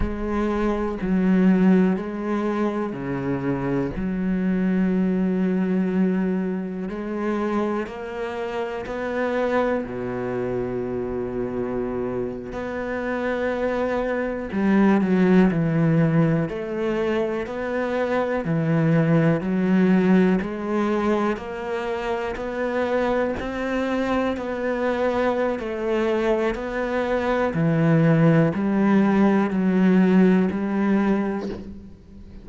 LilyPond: \new Staff \with { instrumentName = "cello" } { \time 4/4 \tempo 4 = 61 gis4 fis4 gis4 cis4 | fis2. gis4 | ais4 b4 b,2~ | b,8. b2 g8 fis8 e16~ |
e8. a4 b4 e4 fis16~ | fis8. gis4 ais4 b4 c'16~ | c'8. b4~ b16 a4 b4 | e4 g4 fis4 g4 | }